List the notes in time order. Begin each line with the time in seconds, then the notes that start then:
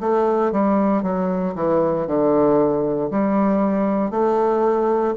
0.00 A3
0.52 G3
1.03 F#3
1.55 E3
2.06 D3
3.10 G3
4.11 A3